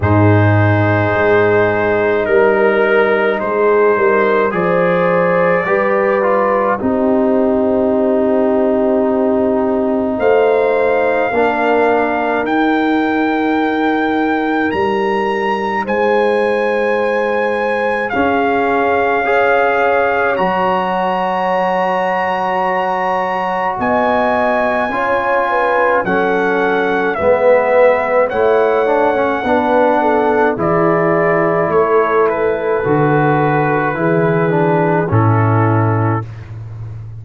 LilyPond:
<<
  \new Staff \with { instrumentName = "trumpet" } { \time 4/4 \tempo 4 = 53 c''2 ais'4 c''4 | d''2 c''2~ | c''4 f''2 g''4~ | g''4 ais''4 gis''2 |
f''2 ais''2~ | ais''4 gis''2 fis''4 | e''4 fis''2 d''4 | cis''8 b'2~ b'8 a'4 | }
  \new Staff \with { instrumentName = "horn" } { \time 4/4 gis'2 ais'4 gis'8 ais'8 | c''4 b'4 g'2~ | g'4 c''4 ais'2~ | ais'2 c''2 |
gis'4 cis''2.~ | cis''4 dis''4 cis''8 b'8 a'4 | b'4 cis''4 b'8 a'8 gis'4 | a'2 gis'4 e'4 | }
  \new Staff \with { instrumentName = "trombone" } { \time 4/4 dis'1 | gis'4 g'8 f'8 dis'2~ | dis'2 d'4 dis'4~ | dis'1 |
cis'4 gis'4 fis'2~ | fis'2 f'4 cis'4 | b4 e'8 d'16 cis'16 d'4 e'4~ | e'4 fis'4 e'8 d'8 cis'4 | }
  \new Staff \with { instrumentName = "tuba" } { \time 4/4 gis,4 gis4 g4 gis8 g8 | f4 g4 c'2~ | c'4 a4 ais4 dis'4~ | dis'4 g4 gis2 |
cis'2 fis2~ | fis4 b4 cis'4 fis4 | gis4 a4 b4 e4 | a4 d4 e4 a,4 | }
>>